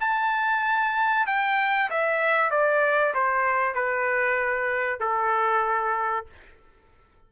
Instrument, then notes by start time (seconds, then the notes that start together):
trumpet
0.00 A5
1.26 G5
1.90 E5
2.50 D5
3.14 C5
3.74 B4
4.99 A4